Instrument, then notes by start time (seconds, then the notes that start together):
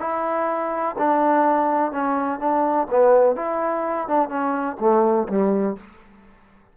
trombone
0.00 E4
0.98 D4
1.92 C#4
2.40 D4
2.90 B3
3.36 E4
4.08 D4
4.29 C#4
4.80 A3
5.29 G3